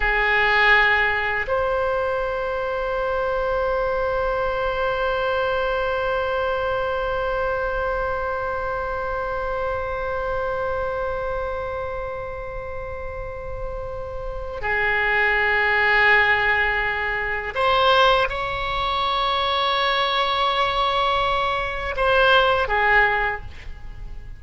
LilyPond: \new Staff \with { instrumentName = "oboe" } { \time 4/4 \tempo 4 = 82 gis'2 c''2~ | c''1~ | c''1~ | c''1~ |
c''1 | gis'1 | c''4 cis''2.~ | cis''2 c''4 gis'4 | }